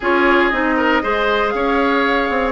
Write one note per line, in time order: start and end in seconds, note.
0.00 0.51 C#4
0.00 0.52 F4
0.00 0.75 G#4
0.00 0.48 C#5
0.48 1.02 C4
0.48 1.02 D#4
0.48 1.49 D#5
0.76 1.02 A#4
1.02 1.53 G#3
1.02 2.52 G#4
1.02 1.53 C5
1.49 2.29 C#4
1.49 2.52 C#5
1.49 2.51 F5
2.29 2.52 C4